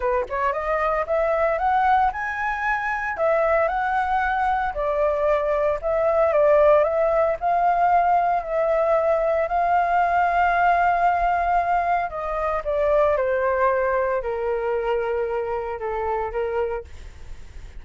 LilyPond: \new Staff \with { instrumentName = "flute" } { \time 4/4 \tempo 4 = 114 b'8 cis''8 dis''4 e''4 fis''4 | gis''2 e''4 fis''4~ | fis''4 d''2 e''4 | d''4 e''4 f''2 |
e''2 f''2~ | f''2. dis''4 | d''4 c''2 ais'4~ | ais'2 a'4 ais'4 | }